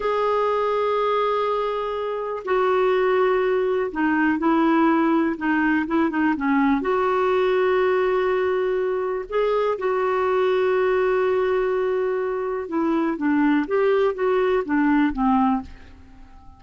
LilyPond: \new Staff \with { instrumentName = "clarinet" } { \time 4/4 \tempo 4 = 123 gis'1~ | gis'4 fis'2. | dis'4 e'2 dis'4 | e'8 dis'8 cis'4 fis'2~ |
fis'2. gis'4 | fis'1~ | fis'2 e'4 d'4 | g'4 fis'4 d'4 c'4 | }